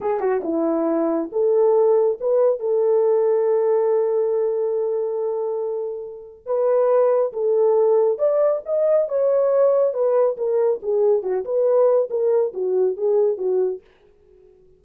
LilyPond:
\new Staff \with { instrumentName = "horn" } { \time 4/4 \tempo 4 = 139 gis'8 fis'8 e'2 a'4~ | a'4 b'4 a'2~ | a'1~ | a'2. b'4~ |
b'4 a'2 d''4 | dis''4 cis''2 b'4 | ais'4 gis'4 fis'8 b'4. | ais'4 fis'4 gis'4 fis'4 | }